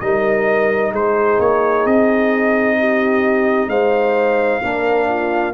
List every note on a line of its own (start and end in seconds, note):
0.00 0.92 G3
0.00 4.63 D#4
0.00 0.92 A#4
0.00 0.92 D#5
0.92 1.38 G#3
0.92 2.77 G#4
0.92 1.40 C5
1.39 1.85 A#3
1.39 1.86 C#5
1.85 3.67 C4
1.85 3.69 D#5
2.79 3.69 G4
3.67 4.59 G#3
3.67 4.61 C5
3.67 5.53 F5
4.62 5.54 A#3
4.62 5.54 D4
4.62 5.08 A#4
5.09 5.54 F4